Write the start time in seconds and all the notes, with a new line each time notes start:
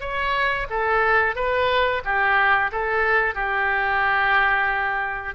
0.00 C#5
0.70 A4
1.35 B4
2.04 G4
2.72 A4
3.34 G4